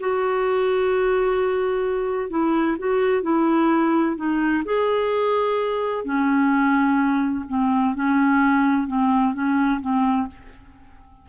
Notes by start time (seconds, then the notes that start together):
0.00 F#4
2.30 E4
2.78 F#4
3.22 E4
4.16 D#4
4.65 G#4
6.04 C#4
7.48 C4
7.95 C#4
8.87 C4
9.33 C#4
9.81 C4